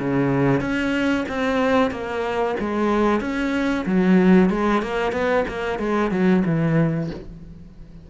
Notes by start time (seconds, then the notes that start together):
0.00 C#3
0.61 C#4
1.29 C4
1.91 A#3
2.60 G#3
3.21 C#4
3.86 F#3
4.50 G#3
4.82 A#3
5.13 B3
5.48 A#3
5.79 G#3
6.11 F#3
6.46 E3